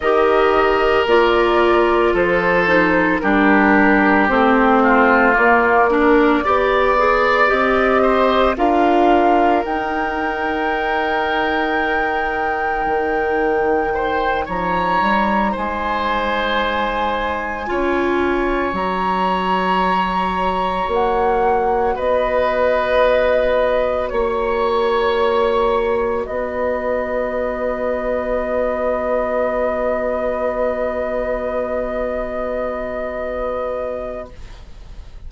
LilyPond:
<<
  \new Staff \with { instrumentName = "flute" } { \time 4/4 \tempo 4 = 56 dis''4 d''4 c''4 ais'4 | c''4 d''2 dis''4 | f''4 g''2.~ | g''4. ais''4 gis''4.~ |
gis''4. ais''2 fis''8~ | fis''8 dis''2 cis''4.~ | cis''8 dis''2.~ dis''8~ | dis''1 | }
  \new Staff \with { instrumentName = "oboe" } { \time 4/4 ais'2 a'4 g'4~ | g'8 f'4 ais'8 d''4. c''8 | ais'1~ | ais'4 c''8 cis''4 c''4.~ |
c''8 cis''2.~ cis''8~ | cis''8 b'2 cis''4.~ | cis''8 b'2.~ b'8~ | b'1 | }
  \new Staff \with { instrumentName = "clarinet" } { \time 4/4 g'4 f'4. dis'8 d'4 | c'4 ais8 d'8 g'8 gis'8 g'4 | f'4 dis'2.~ | dis'1~ |
dis'8 f'4 fis'2~ fis'8~ | fis'1~ | fis'1~ | fis'1 | }
  \new Staff \with { instrumentName = "bassoon" } { \time 4/4 dis4 ais4 f4 g4 | a4 ais4 b4 c'4 | d'4 dis'2. | dis4. f8 g8 gis4.~ |
gis8 cis'4 fis2 ais8~ | ais8 b2 ais4.~ | ais8 b2.~ b8~ | b1 | }
>>